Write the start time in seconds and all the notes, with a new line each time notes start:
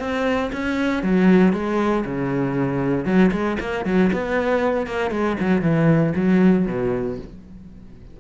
0.00 C4
0.53 C#4
1.03 F#3
1.54 G#3
2.06 C#3
3.06 F#3
3.32 G#3
3.61 A#3
3.86 F#3
4.13 B3
4.87 A#3
5.11 G#3
5.40 F#3
5.62 E3
6.16 F#3
6.67 B2